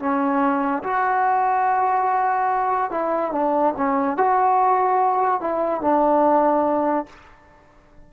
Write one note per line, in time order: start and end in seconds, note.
0.00 0.83 C#4
0.84 2.91 F#4
2.91 3.33 E4
3.33 3.74 D4
3.77 4.18 C#4
4.18 5.41 F#4
5.41 5.81 E4
5.81 7.06 D4